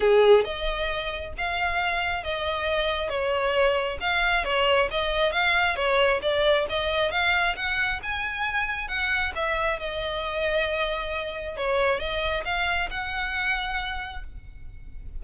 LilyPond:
\new Staff \with { instrumentName = "violin" } { \time 4/4 \tempo 4 = 135 gis'4 dis''2 f''4~ | f''4 dis''2 cis''4~ | cis''4 f''4 cis''4 dis''4 | f''4 cis''4 d''4 dis''4 |
f''4 fis''4 gis''2 | fis''4 e''4 dis''2~ | dis''2 cis''4 dis''4 | f''4 fis''2. | }